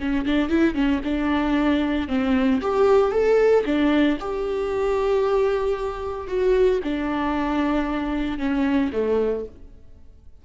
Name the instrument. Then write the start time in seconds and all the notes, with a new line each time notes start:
viola
0.00 C#4
0.26 D4
0.49 E4
0.75 C#4
1.04 D4
2.08 C4
2.61 G4
3.12 A4
3.65 D4
4.20 G4
6.28 F#4
6.84 D4
8.39 C#4
8.93 A3